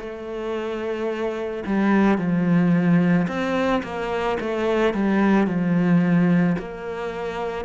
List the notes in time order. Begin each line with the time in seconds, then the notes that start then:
0.00 A3
1.66 G3
2.18 F3
3.28 C4
3.83 A#3
4.40 A3
4.94 G3
5.47 F3
6.59 A#3